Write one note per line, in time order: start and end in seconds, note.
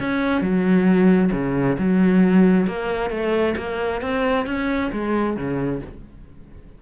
0.00 0.42 C#4
0.42 1.31 F#3
1.32 1.77 C#3
1.78 2.67 F#3
2.67 3.11 A#3
3.11 3.55 A3
3.57 4.02 A#3
4.02 4.46 C4
4.46 4.91 C#4
4.92 5.37 G#3
5.37 5.82 C#3